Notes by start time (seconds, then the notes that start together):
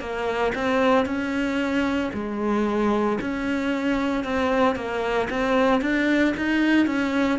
0.00 A#3
0.55 C4
1.06 C#4
2.14 G#3
3.21 C#4
4.24 C4
4.76 A#3
5.30 C4
5.81 D4
6.37 D#4
6.87 C#4